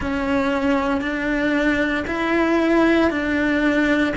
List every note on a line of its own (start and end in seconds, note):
0.00 1.01 C#4
1.01 2.04 D4
2.07 3.10 E4
3.10 4.14 D4